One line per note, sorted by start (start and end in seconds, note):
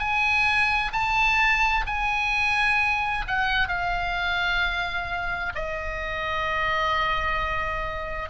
0.00 0.92 G#5
0.93 1.85 A5
1.87 3.26 G#5
3.28 3.69 F#5
3.69 5.53 F5
5.56 8.30 D#5